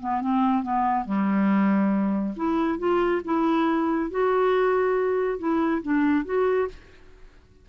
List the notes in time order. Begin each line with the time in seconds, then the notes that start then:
0.00 B3
0.21 C4
0.63 B3
1.05 G3
2.36 E4
2.79 F4
3.25 E4
4.10 F#4
5.39 E4
5.82 D4
6.25 F#4